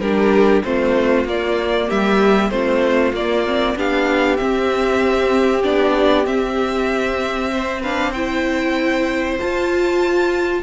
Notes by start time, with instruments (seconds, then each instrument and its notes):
0.00 cello G3, viola D4, violin G4 A#4
0.64 cello A3, viola C4, violin F4 C5
1.25 cello A#3, viola A#3, violin D5
1.88 cello G3, violin G4 E5
2.51 cello A3, viola C4, violin F4 C5
3.12 cello A#3, viola A#3, violin D5
3.46 viola C4
3.76 cello B3, viola D4, violin G4 F5
4.37 viola C4, cello C4, violin E5
5.63 cello B3, viola D4, violin D5
6.25 viola C4, cello C4, violin E5
7.52 violin C5
7.82 viola D4, violin B4 F5
8.11 viola E4, violin C5 G5
9.39 viola F4, cello F4, violin A5